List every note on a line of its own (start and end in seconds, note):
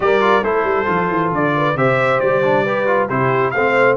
0.00 0.42 G3
0.00 0.20 G4
0.00 0.44 A#4
0.00 0.43 D5
0.20 0.42 F4
0.43 0.64 A3
0.43 0.85 E4
0.43 1.54 A4
0.43 1.32 C5
0.64 0.86 G3
0.85 1.10 F3
0.85 1.74 F4
1.10 1.31 E3
1.31 1.75 D3
1.31 1.77 D5
1.56 1.77 B4
1.75 2.19 C3
1.75 2.43 G4
1.75 2.64 C5
1.75 2.19 E5
2.19 3.09 G3
2.19 3.08 D5
2.43 2.65 D4
2.64 2.86 G4
2.64 3.08 B4
2.86 3.08 F4
3.08 3.53 C3
3.08 3.54 E4
3.08 3.52 G4
3.08 3.50 C5
3.50 3.96 A3
3.50 3.96 C4
3.50 3.96 C5
3.50 3.94 F5